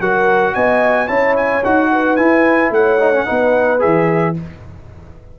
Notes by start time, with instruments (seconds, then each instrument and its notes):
0.00 tuba F#3, trombone F#4, horn A#4, trumpet F#5
0.55 tuba B3, horn D#5, trumpet G#5
1.07 tuba C#4, trombone E4, horn C#5, trumpet A5
1.37 trumpet G#5
1.64 tuba D#4, trombone F#4, trumpet F#5
1.92 horn B4
2.16 trombone E4, tuba E4, trumpet G#5
2.70 tuba A3, horn C#5, trumpet F#5
2.99 trombone D#4
3.13 trombone C#4
3.25 tuba B3, trombone D#4, horn B4
3.79 tuba E3, trombone G#4, trumpet E5